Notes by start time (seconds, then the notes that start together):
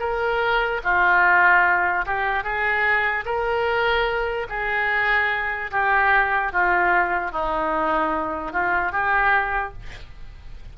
0.00 A#4
0.84 F4
2.06 G4
2.44 G#4
3.25 A#4
4.50 G#4
5.72 G4
6.53 F4
7.32 D#4
8.52 F4
8.92 G4